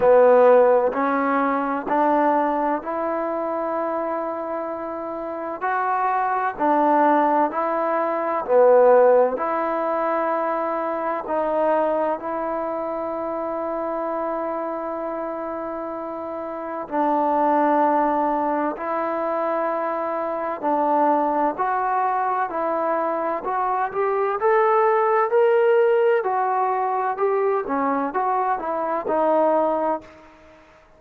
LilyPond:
\new Staff \with { instrumentName = "trombone" } { \time 4/4 \tempo 4 = 64 b4 cis'4 d'4 e'4~ | e'2 fis'4 d'4 | e'4 b4 e'2 | dis'4 e'2.~ |
e'2 d'2 | e'2 d'4 fis'4 | e'4 fis'8 g'8 a'4 ais'4 | fis'4 g'8 cis'8 fis'8 e'8 dis'4 | }